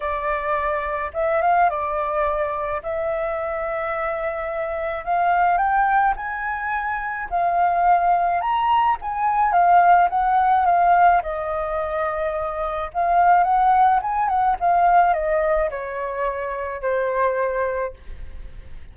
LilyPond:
\new Staff \with { instrumentName = "flute" } { \time 4/4 \tempo 4 = 107 d''2 e''8 f''8 d''4~ | d''4 e''2.~ | e''4 f''4 g''4 gis''4~ | gis''4 f''2 ais''4 |
gis''4 f''4 fis''4 f''4 | dis''2. f''4 | fis''4 gis''8 fis''8 f''4 dis''4 | cis''2 c''2 | }